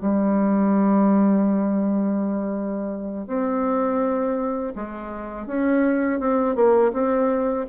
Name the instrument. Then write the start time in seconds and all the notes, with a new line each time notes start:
bassoon
0.00 G3
3.27 C4
4.75 G#3
5.46 C#4
6.20 C4
6.55 A#3
6.93 C4